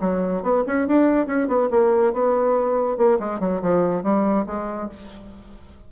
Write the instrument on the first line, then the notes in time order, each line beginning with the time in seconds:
bassoon
0.00 F#3
0.42 B3
0.67 C#4
0.87 D4
1.27 C#4
1.48 B3
1.70 A#3
2.13 B3
2.97 A#3
3.19 G#3
3.40 F#3
3.62 F3
4.03 G3
4.46 G#3